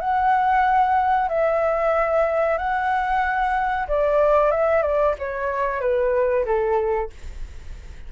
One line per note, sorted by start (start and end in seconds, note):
0.00 1.28 F#5
1.28 2.57 E5
2.58 3.87 F#5
3.88 4.51 D5
4.51 4.82 E5
4.82 5.14 D5
5.18 5.80 C#5
5.80 6.45 B4
6.45 7.10 A4